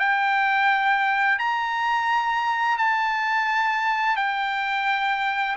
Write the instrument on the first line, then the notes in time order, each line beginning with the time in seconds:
trumpet
0.00 G5
1.39 A#5
2.78 A5
4.16 G5